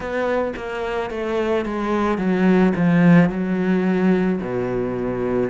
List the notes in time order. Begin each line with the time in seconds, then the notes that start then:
0.00 B3
0.56 A#3
1.10 A3
1.65 G#3
2.17 F#3
2.75 F3
3.29 F#3
4.41 B2